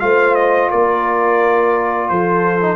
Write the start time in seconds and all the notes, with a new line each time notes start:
0.00 A3 F4 C5 F5
0.35 D#5
0.70 A#3 A#4 D5
2.09 F3 A4 C5
2.61 D#4